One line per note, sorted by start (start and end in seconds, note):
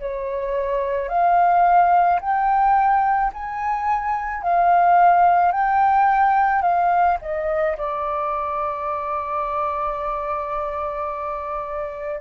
0.00 1.09 C#5
1.09 2.20 F5
2.21 3.32 G5
3.33 4.42 G#5
4.42 5.52 F5
5.52 6.62 G5
6.62 7.17 F5
7.21 7.77 D#5
7.77 12.21 D5